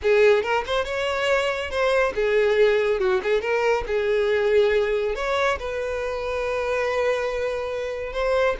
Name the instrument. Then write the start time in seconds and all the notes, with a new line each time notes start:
violin
0.02 G#4
0.42 A#4
0.66 C5
0.84 C#5
1.70 C5
2.15 G#4
2.99 F#4
3.23 G#4
3.41 A#4
3.86 G#4
5.15 C#5
5.59 B4
8.13 C5